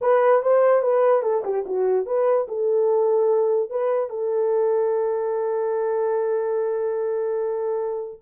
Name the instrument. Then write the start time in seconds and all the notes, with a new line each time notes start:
horn
0.01 B4
0.42 C5
0.82 B4
1.22 A4
1.44 G4
1.66 F#4
2.06 B4
2.48 A4
3.69 B4
4.09 A4